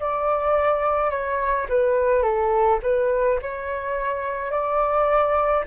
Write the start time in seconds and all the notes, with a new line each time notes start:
0.00 D5
1.11 C#5
1.69 B4
2.23 A4
2.83 B4
3.42 C#5
4.51 D5